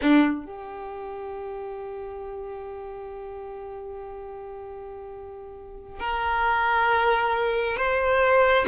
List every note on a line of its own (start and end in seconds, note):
0.01 0.45 D4
0.45 5.99 G4
5.99 7.77 A#4
7.77 8.65 C5